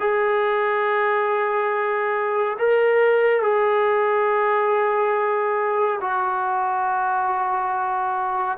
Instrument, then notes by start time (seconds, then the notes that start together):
trombone
0.00 G#4
2.59 A#4
3.43 G#4
6.01 F#4